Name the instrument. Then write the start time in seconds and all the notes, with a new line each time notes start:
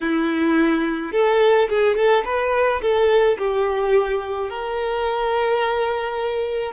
violin
0.01 E4
1.12 A4
1.68 G#4
1.95 A4
2.25 B4
2.81 A4
3.38 G4
4.49 A#4